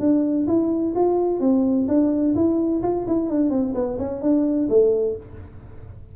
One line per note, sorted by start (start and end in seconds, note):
0.00 0.47 D4
0.48 0.95 E4
0.95 1.41 F4
1.41 1.87 C4
1.88 2.35 D4
2.36 2.83 E4
2.83 3.06 F4
3.07 3.30 E4
3.30 3.51 D4
3.51 3.74 C4
3.75 3.98 B3
3.99 4.22 C#4
4.22 4.69 D4
4.70 5.17 A3